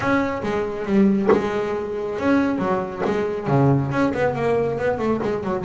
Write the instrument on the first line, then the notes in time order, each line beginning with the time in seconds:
double bass
0.00 C#4
0.42 G#3
0.85 G3
1.31 G#3
2.18 C#4
2.58 F#3
3.05 G#3
3.47 C#3
3.91 C#4
4.13 B3
4.35 A#3
4.78 B3
4.98 A3
5.23 G#3
5.43 F#3